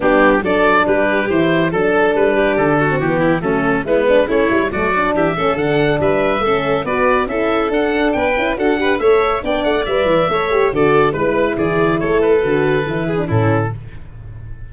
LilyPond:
<<
  \new Staff \with { instrumentName = "oboe" } { \time 4/4 \tempo 4 = 140 g'4 d''4 b'4 c''4 | a'4 b'4 a'4 g'4 | a'4 b'4 cis''4 d''4 | e''4 fis''4 e''2 |
d''4 e''4 fis''4 g''4 | fis''4 e''4 g''8 fis''8 e''4~ | e''4 d''4 b'4 d''4 | cis''8 b'2~ b'8 a'4 | }
  \new Staff \with { instrumentName = "violin" } { \time 4/4 d'4 a'4 g'2 | a'4. g'4 fis'4 e'8 | cis'4 b4 e'4 fis'4 | g'8 a'4. b'4 a'4 |
b'4 a'2 b'4 | a'8 b'8 cis''4 d''2 | cis''4 a'4 b'4 gis'4 | a'2~ a'8 gis'8 e'4 | }
  \new Staff \with { instrumentName = "horn" } { \time 4/4 b4 d'2 e'4 | d'2~ d'8. c'16 b4 | a4 e'8 d'8 cis'8 e'8 a8 d'8~ | d'8 cis'8 d'2 cis'4 |
fis'4 e'4 d'4. e'8 | fis'8 g'8 a'4 d'4 b'4 | a'8 g'8 fis'4 e'2~ | e'4 fis'4 e'8. d'16 cis'4 | }
  \new Staff \with { instrumentName = "tuba" } { \time 4/4 g4 fis4 g4 e4 | fis4 g4 d4 e4 | fis4 gis4 a8 g8 fis4 | e8 a8 d4 g4 a4 |
b4 cis'4 d'4 b8 cis'8 | d'4 a4 b8 a8 g8 e8 | a4 d4 gis4 e4 | a4 d4 e4 a,4 | }
>>